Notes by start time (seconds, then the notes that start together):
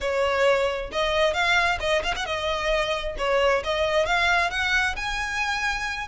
0.00 C#5
0.91 D#5
1.33 F5
1.80 D#5
2.03 F5
2.16 F#5
2.25 D#5
3.18 C#5
3.64 D#5
4.06 F5
4.50 F#5
4.95 G#5